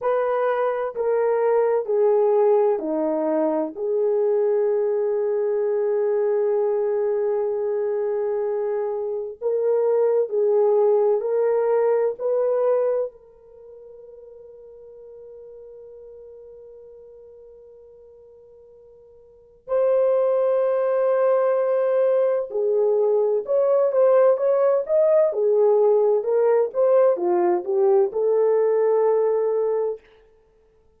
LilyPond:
\new Staff \with { instrumentName = "horn" } { \time 4/4 \tempo 4 = 64 b'4 ais'4 gis'4 dis'4 | gis'1~ | gis'2 ais'4 gis'4 | ais'4 b'4 ais'2~ |
ais'1~ | ais'4 c''2. | gis'4 cis''8 c''8 cis''8 dis''8 gis'4 | ais'8 c''8 f'8 g'8 a'2 | }